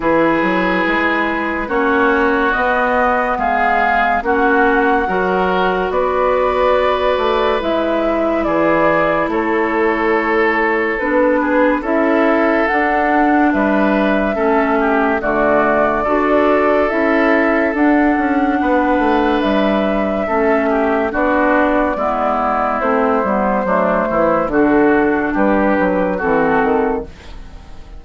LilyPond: <<
  \new Staff \with { instrumentName = "flute" } { \time 4/4 \tempo 4 = 71 b'2 cis''4 dis''4 | f''4 fis''2 d''4~ | d''4 e''4 d''4 cis''4~ | cis''4 b'4 e''4 fis''4 |
e''2 d''2 | e''4 fis''2 e''4~ | e''4 d''2 c''4~ | c''4 a'4 b'4 a'4 | }
  \new Staff \with { instrumentName = "oboe" } { \time 4/4 gis'2 fis'2 | gis'4 fis'4 ais'4 b'4~ | b'2 gis'4 a'4~ | a'4. gis'8 a'2 |
b'4 a'8 g'8 fis'4 a'4~ | a'2 b'2 | a'8 g'8 fis'4 e'2 | d'8 e'8 fis'4 g'4 fis'4 | }
  \new Staff \with { instrumentName = "clarinet" } { \time 4/4 e'2 cis'4 b4~ | b4 cis'4 fis'2~ | fis'4 e'2.~ | e'4 d'4 e'4 d'4~ |
d'4 cis'4 a4 fis'4 | e'4 d'2. | cis'4 d'4 b4 c'8 b8 | a4 d'2 c'4 | }
  \new Staff \with { instrumentName = "bassoon" } { \time 4/4 e8 fis8 gis4 ais4 b4 | gis4 ais4 fis4 b4~ | b8 a8 gis4 e4 a4~ | a4 b4 cis'4 d'4 |
g4 a4 d4 d'4 | cis'4 d'8 cis'8 b8 a8 g4 | a4 b4 gis4 a8 g8 | fis8 e8 d4 g8 fis8 e8 dis8 | }
>>